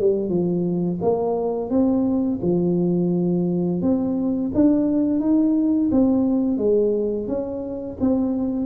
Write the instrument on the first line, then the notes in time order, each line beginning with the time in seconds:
tuba
0.00 G3
0.29 F3
1.02 A#3
1.70 C4
2.42 F3
3.82 C4
4.54 D4
5.20 D#4
5.92 C4
6.58 G#3
7.28 C#4
8.01 C4